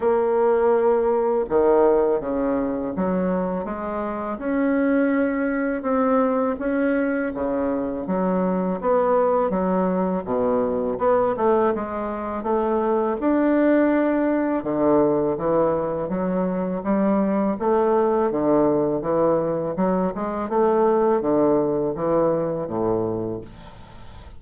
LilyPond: \new Staff \with { instrumentName = "bassoon" } { \time 4/4 \tempo 4 = 82 ais2 dis4 cis4 | fis4 gis4 cis'2 | c'4 cis'4 cis4 fis4 | b4 fis4 b,4 b8 a8 |
gis4 a4 d'2 | d4 e4 fis4 g4 | a4 d4 e4 fis8 gis8 | a4 d4 e4 a,4 | }